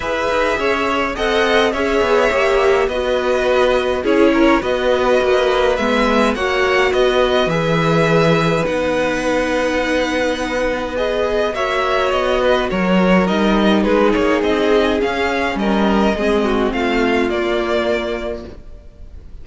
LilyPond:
<<
  \new Staff \with { instrumentName = "violin" } { \time 4/4 \tempo 4 = 104 e''2 fis''4 e''4~ | e''4 dis''2 cis''4 | dis''2 e''4 fis''4 | dis''4 e''2 fis''4~ |
fis''2. dis''4 | e''4 dis''4 cis''4 dis''4 | b'8 cis''8 dis''4 f''4 dis''4~ | dis''4 f''4 d''2 | }
  \new Staff \with { instrumentName = "violin" } { \time 4/4 b'4 cis''4 dis''4 cis''4~ | cis''4 b'2 gis'8 ais'8 | b'2. cis''4 | b'1~ |
b'1 | cis''4. b'8 ais'2 | gis'2. ais'4 | gis'8 fis'8 f'2. | }
  \new Staff \with { instrumentName = "viola" } { \time 4/4 gis'2 a'4 gis'4 | g'4 fis'2 e'4 | fis'2 b4 fis'4~ | fis'4 gis'2 dis'4~ |
dis'2. gis'4 | fis'2. dis'4~ | dis'2 cis'2 | c'2 ais2 | }
  \new Staff \with { instrumentName = "cello" } { \time 4/4 e'8 dis'8 cis'4 c'4 cis'8 b8 | ais4 b2 cis'4 | b4 ais4 gis4 ais4 | b4 e2 b4~ |
b1 | ais4 b4 fis4 g4 | gis8 ais8 c'4 cis'4 g4 | gis4 a4 ais2 | }
>>